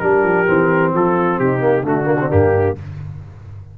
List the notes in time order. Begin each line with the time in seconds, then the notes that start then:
0.00 G3 D4 G4 A#4
0.24 F3
0.47 E3 C4
0.95 F3 F4 A4
1.40 C3 D#4 G4
1.60 A#3
1.84 D3 A3 D4 F#4
2.05 A#3
2.20 C4
2.30 G2 A#3 G4